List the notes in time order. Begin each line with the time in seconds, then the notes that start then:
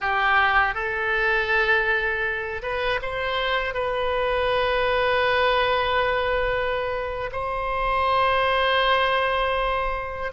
0.00 G4
0.74 A4
2.62 B4
3.01 C5
3.74 B4
7.32 C5